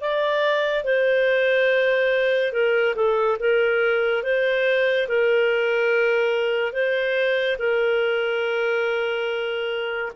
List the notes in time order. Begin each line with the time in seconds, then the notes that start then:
0.00 D5
0.84 C5
2.52 A#4
2.95 A4
3.39 A#4
4.23 C5
5.08 A#4
6.72 C5
7.58 A#4